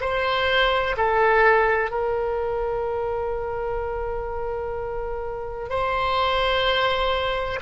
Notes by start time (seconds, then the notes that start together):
0.00 C5
0.97 A4
1.90 A#4
5.69 C5